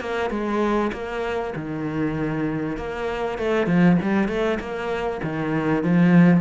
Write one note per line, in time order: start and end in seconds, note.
0.00 0.30 A#3
0.30 0.91 G#3
0.92 1.53 A#3
1.55 2.77 D#3
2.77 3.38 A#3
3.38 3.67 A3
3.67 3.97 F3
4.01 4.28 G3
4.28 4.58 A3
4.59 5.21 A#3
5.23 5.83 D#3
5.83 6.40 F3